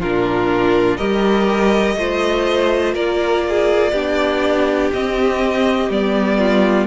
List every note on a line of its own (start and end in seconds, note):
0.00 0.98 A#2
0.00 0.99 D4
0.00 0.97 F4
0.00 0.97 A#4
0.97 1.96 G3
0.97 1.97 G4
0.97 1.96 A#4
0.97 2.94 D#5
1.96 2.94 A3
1.96 3.94 F4
1.96 2.95 C5
2.94 3.92 A#3
2.94 3.44 A#4
2.94 4.92 D5
3.49 3.92 G#4
3.92 4.91 B3
3.92 4.93 D4
3.92 6.38 G4
4.93 5.90 C4
4.93 5.91 C4
4.93 5.91 D#5
5.90 6.87 G3
5.90 6.87 B3
5.90 6.87 D5
6.39 6.87 F4